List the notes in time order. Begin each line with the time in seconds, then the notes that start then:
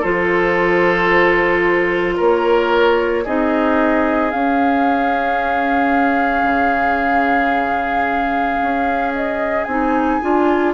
0.00 F3 F4 A4 C5
2.17 A#3 A#4 C#5
3.24 C4 D#4 G#4 D#5
4.31 C#4 F5
6.43 C#3
8.61 C#4
9.15 D#5
9.64 C4 D#4 G#5
10.21 D4 F4